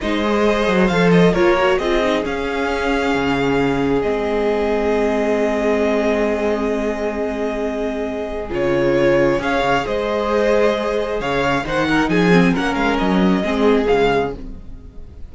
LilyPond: <<
  \new Staff \with { instrumentName = "violin" } { \time 4/4 \tempo 4 = 134 dis''2 f''8 dis''8 cis''4 | dis''4 f''2.~ | f''4 dis''2.~ | dis''1~ |
dis''2. cis''4~ | cis''4 f''4 dis''2~ | dis''4 f''4 fis''4 gis''4 | fis''8 f''8 dis''2 f''4 | }
  \new Staff \with { instrumentName = "violin" } { \time 4/4 c''2. ais'4 | gis'1~ | gis'1~ | gis'1~ |
gis'1~ | gis'4 cis''4 c''2~ | c''4 cis''4 c''8 ais'8 gis'4 | ais'2 gis'2 | }
  \new Staff \with { instrumentName = "viola" } { \time 4/4 dis'8 gis'4. a'4 f'8 fis'8 | f'8 dis'8 cis'2.~ | cis'4 c'2.~ | c'1~ |
c'2. f'4~ | f'4 gis'2.~ | gis'2 dis'4. c'8 | cis'2 c'4 gis4 | }
  \new Staff \with { instrumentName = "cello" } { \time 4/4 gis4. fis8 f4 ais4 | c'4 cis'2 cis4~ | cis4 gis2.~ | gis1~ |
gis2. cis4~ | cis4 cis'8 cis8 gis2~ | gis4 cis4 dis4 f4 | ais8 gis8 fis4 gis4 cis4 | }
>>